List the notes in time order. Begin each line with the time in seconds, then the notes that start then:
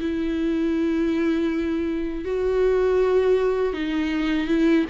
0.00 E4
2.25 F#4
3.73 D#4
4.48 E4